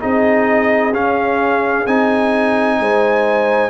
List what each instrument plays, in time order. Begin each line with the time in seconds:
0.00 tuba C4, trombone D#4, horn G#4, trumpet D#5
0.93 tuba C#4, trombone C#4, trumpet F5
1.86 tuba C4, trombone D#4, trumpet G#5
2.79 tuba G#3, horn C5